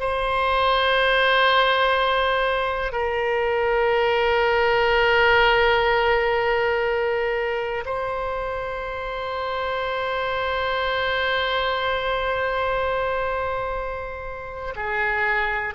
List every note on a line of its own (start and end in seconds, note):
0.00 2.92 C5
2.92 7.84 A#4
7.86 14.74 C5
14.76 15.74 G#4